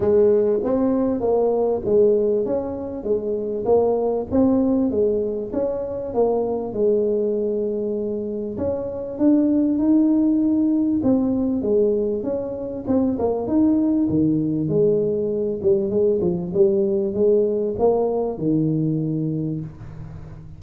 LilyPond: \new Staff \with { instrumentName = "tuba" } { \time 4/4 \tempo 4 = 98 gis4 c'4 ais4 gis4 | cis'4 gis4 ais4 c'4 | gis4 cis'4 ais4 gis4~ | gis2 cis'4 d'4 |
dis'2 c'4 gis4 | cis'4 c'8 ais8 dis'4 dis4 | gis4. g8 gis8 f8 g4 | gis4 ais4 dis2 | }